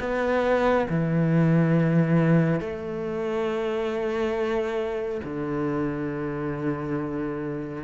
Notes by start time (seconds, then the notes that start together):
0.00 B3
0.89 E3
2.60 A3
5.24 D3